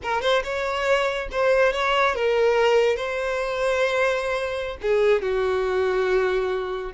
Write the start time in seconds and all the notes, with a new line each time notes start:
0.02 A#4
0.21 C5
0.43 C#5
1.31 C5
1.72 C#5
2.15 A#4
2.96 C5
4.81 G#4
5.22 F#4